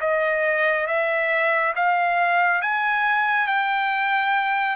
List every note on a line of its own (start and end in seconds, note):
0.00 0.87 D#5
0.87 1.74 E5
1.75 2.61 F5
2.61 3.47 G#5
3.47 4.76 G5